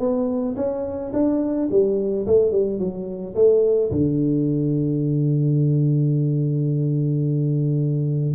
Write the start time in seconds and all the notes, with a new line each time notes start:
0.00 B3
0.57 C#4
1.13 D4
1.71 G3
2.27 A3
2.52 G3
2.79 F#3
3.35 A3
3.91 D3